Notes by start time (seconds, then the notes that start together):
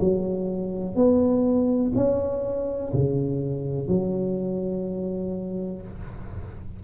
0.00 F#3
0.95 B3
1.95 C#4
2.93 C#3
3.88 F#3